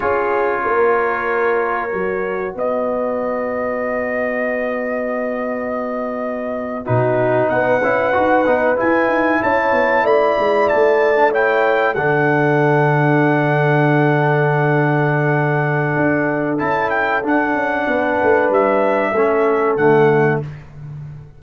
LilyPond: <<
  \new Staff \with { instrumentName = "trumpet" } { \time 4/4 \tempo 4 = 94 cis''1 | dis''1~ | dis''2~ dis''8. b'4 fis''16~ | fis''4.~ fis''16 gis''4 a''4 b''16~ |
b''8. a''4 g''4 fis''4~ fis''16~ | fis''1~ | fis''2 a''8 g''8 fis''4~ | fis''4 e''2 fis''4 | }
  \new Staff \with { instrumentName = "horn" } { \time 4/4 gis'4 ais'2. | b'1~ | b'2~ b'8. fis'4 b'16~ | b'2~ b'8. cis''4 d''16~ |
d''4.~ d''16 cis''4 a'4~ a'16~ | a'1~ | a'1 | b'2 a'2 | }
  \new Staff \with { instrumentName = "trombone" } { \time 4/4 f'2. fis'4~ | fis'1~ | fis'2~ fis'8. dis'4~ dis'16~ | dis'16 e'8 fis'8 dis'8 e'2~ e'16~ |
e'4. d'16 e'4 d'4~ d'16~ | d'1~ | d'2 e'4 d'4~ | d'2 cis'4 a4 | }
  \new Staff \with { instrumentName = "tuba" } { \time 4/4 cis'4 ais2 fis4 | b1~ | b2~ b8. b,4 b16~ | b16 cis'8 dis'8 b8 e'8 dis'8 cis'8 b8 a16~ |
a16 gis8 a2 d4~ d16~ | d1~ | d4 d'4 cis'4 d'8 cis'8 | b8 a8 g4 a4 d4 | }
>>